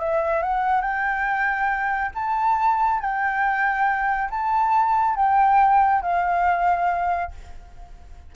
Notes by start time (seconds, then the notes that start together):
0.00 E5
0.43 F#5
0.82 G5
2.15 A5
3.01 G5
4.31 A5
5.16 G5
6.02 F5